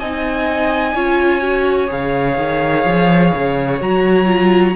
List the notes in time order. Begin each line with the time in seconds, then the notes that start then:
0.00 C4 D#4 D#5 G#5
0.95 C#4 F4 C#5
1.42 F#4
1.88 C#3 G#4 F5
2.38 D#3
2.86 F3
3.35 C#3
3.81 F#3 F#4 A#5
4.26 F4